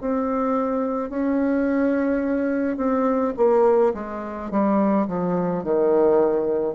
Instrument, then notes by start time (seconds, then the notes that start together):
bassoon
0.00 C4
1.09 C#4
2.76 C4
3.37 A#3
3.94 G#3
4.50 G3
5.07 F3
5.63 D#3